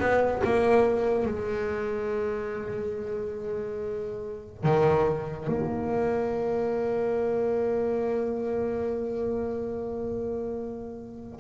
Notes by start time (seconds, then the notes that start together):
0.00 B3
0.44 A#3
1.26 G#3
4.64 D#3
5.48 A#3